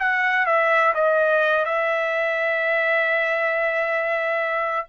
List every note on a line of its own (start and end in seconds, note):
0.00 0.46 F#5
0.46 0.94 E5
0.95 1.66 D#5
1.66 4.87 E5